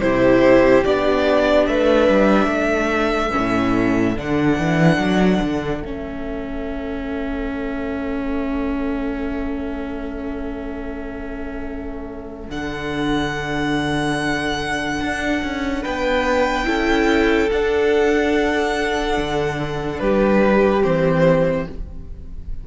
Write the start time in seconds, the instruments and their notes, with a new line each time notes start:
0.00 cello C3, viola E4, violin G4 C5
0.84 cello B3, viola D4, violin D5
1.67 cello A3, violin B4 E5
2.09 cello G3
2.47 cello A3, violin A4
3.31 viola C#4
3.37 cello A2
4.16 cello D3, viola D4, violin F#5
4.58 cello E3
4.98 cello F#3
5.41 cello D3
5.82 cello A3, viola C#4, violin E5
12.49 cello D3, viola D4, violin F#5
15.01 cello D4
15.43 cello C#4
15.82 cello B3, violin B4 G5
16.64 cello C#4, viola E4, violin A4
17.50 cello D4, viola D4, violin F#5
19.17 cello D3
19.99 cello G3, violin G4 B4
20.81 cello E3, viola C4, violin C5